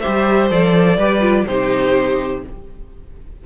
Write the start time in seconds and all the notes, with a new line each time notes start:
0.00 G4 C5 E5
0.06 G3
0.50 F3 A4 D5
0.97 G3 G4 B4
1.20 F4
1.46 C3 D#4 G4 C5